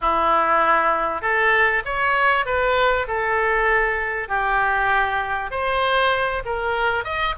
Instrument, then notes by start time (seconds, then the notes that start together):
oboe
0.01 E4
1.21 A4
1.85 C#5
2.45 B4
3.07 A4
4.28 G4
5.50 C5
6.45 A#4
7.04 D#5